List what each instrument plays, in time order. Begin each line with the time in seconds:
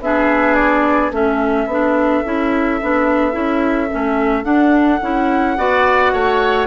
0.00 bassoon B3, clarinet D4, oboe G#4, flute E5
0.54 flute D5
1.11 bassoon A3, clarinet C#4, oboe A4, flute E5
1.66 bassoon B3, clarinet D4
2.25 bassoon C#4, clarinet E4
2.81 bassoon B3, clarinet D4
3.32 bassoon C#4, clarinet E4
3.91 bassoon A3, clarinet C#4
4.44 clarinet D4, bassoon D4, flute F#5
5.02 bassoon C#4, clarinet E4
5.57 bassoon B3, clarinet F#4, oboe D5
6.12 bassoon A3, oboe C#5